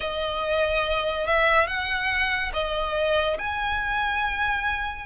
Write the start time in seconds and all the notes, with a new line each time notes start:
0.00 D#5
1.26 E5
1.67 F#5
2.53 D#5
3.38 G#5